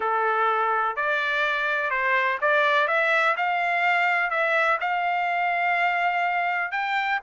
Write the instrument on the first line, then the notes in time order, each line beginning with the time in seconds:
trumpet
0.00 A4
0.95 D5
1.90 C5
2.41 D5
2.87 E5
3.36 F5
4.30 E5
4.80 F5
6.71 G5